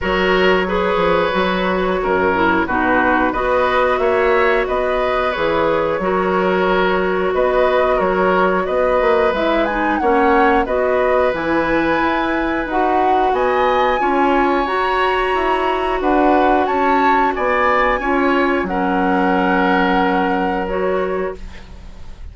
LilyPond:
<<
  \new Staff \with { instrumentName = "flute" } { \time 4/4 \tempo 4 = 90 cis''1 | b'4 dis''4 e''4 dis''4 | cis''2. dis''4 | cis''4 dis''4 e''8 gis''8 fis''4 |
dis''4 gis''2 fis''4 | gis''2 ais''2 | fis''4 a''4 gis''2 | fis''2. cis''4 | }
  \new Staff \with { instrumentName = "oboe" } { \time 4/4 ais'4 b'2 ais'4 | fis'4 b'4 cis''4 b'4~ | b'4 ais'2 b'4 | ais'4 b'2 cis''4 |
b'1 | dis''4 cis''2. | b'4 cis''4 d''4 cis''4 | ais'1 | }
  \new Staff \with { instrumentName = "clarinet" } { \time 4/4 fis'4 gis'4 fis'4. e'8 | dis'4 fis'2. | gis'4 fis'2.~ | fis'2 e'8 dis'8 cis'4 |
fis'4 e'2 fis'4~ | fis'4 f'4 fis'2~ | fis'2. f'4 | cis'2. fis'4 | }
  \new Staff \with { instrumentName = "bassoon" } { \time 4/4 fis4. f8 fis4 fis,4 | b,4 b4 ais4 b4 | e4 fis2 b4 | fis4 b8 ais8 gis4 ais4 |
b4 e4 e'4 dis'4 | b4 cis'4 fis'4 e'4 | d'4 cis'4 b4 cis'4 | fis1 | }
>>